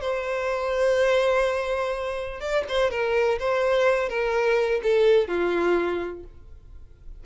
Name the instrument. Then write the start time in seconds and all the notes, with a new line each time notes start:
violin
0.00 C5
2.40 D5
2.68 C5
2.90 A#4
3.39 C5
4.09 A#4
4.83 A4
5.27 F4